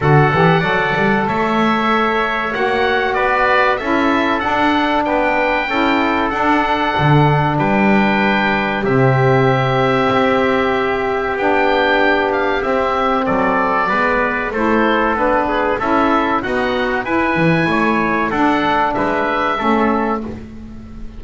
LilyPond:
<<
  \new Staff \with { instrumentName = "oboe" } { \time 4/4 \tempo 4 = 95 fis''2 e''2 | fis''4 d''4 e''4 fis''4 | g''2 fis''2 | g''2 e''2~ |
e''2 g''4. f''8 | e''4 d''2 c''4 | b'4 e''4 fis''4 gis''4~ | gis''4 fis''4 e''2 | }
  \new Staff \with { instrumentName = "trumpet" } { \time 4/4 a'4 d''4 cis''2~ | cis''4 b'4 a'2 | b'4 a'2. | b'2 g'2~ |
g'1~ | g'4 a'4 b'4 a'4~ | a'8 gis'8 a'4 fis'4 b'4 | cis''4 a'4 b'4 a'4 | }
  \new Staff \with { instrumentName = "saxophone" } { \time 4/4 fis'8 g'8 a'2. | fis'2 e'4 d'4~ | d'4 e'4 d'2~ | d'2 c'2~ |
c'2 d'2 | c'2 b4 e'4 | d'4 e'4 b4 e'4~ | e'4 d'2 cis'4 | }
  \new Staff \with { instrumentName = "double bass" } { \time 4/4 d8 e8 fis8 g8 a2 | ais4 b4 cis'4 d'4 | b4 cis'4 d'4 d4 | g2 c2 |
c'2 b2 | c'4 fis4 gis4 a4 | b4 cis'4 dis'4 e'8 e8 | a4 d'4 gis4 a4 | }
>>